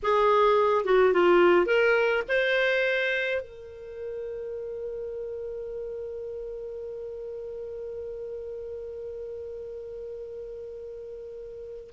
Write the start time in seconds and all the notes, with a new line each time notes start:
0.02 G#4
0.85 F#4
1.13 F4
1.66 A#4
2.28 C5
3.41 A#4